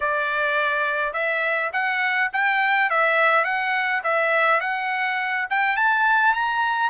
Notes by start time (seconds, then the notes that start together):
0.00 D5
1.13 E5
1.73 F#5
2.32 G5
2.90 E5
3.44 F#5
4.03 E5
4.60 F#5
5.50 G5
5.76 A5
6.33 A#5